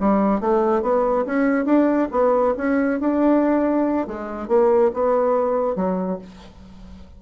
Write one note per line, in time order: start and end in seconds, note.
0.00 0.40 G3
0.40 0.82 A3
0.82 1.25 B3
1.25 1.65 C#4
1.65 2.08 D4
2.11 2.54 B3
2.57 3.00 C#4
3.00 4.07 D4
4.07 4.48 G#3
4.48 4.91 A#3
4.93 5.75 B3
5.75 6.19 F#3